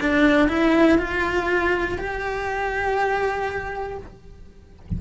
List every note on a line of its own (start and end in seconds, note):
0.00 0.49 D4
0.49 0.98 E4
0.98 1.98 F4
1.99 3.99 G4